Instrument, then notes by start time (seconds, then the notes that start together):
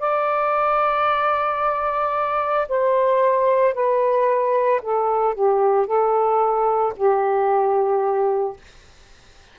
saxophone
0.00 D5
2.69 C5
3.74 B4
4.82 A4
5.34 G4
5.86 A4
6.96 G4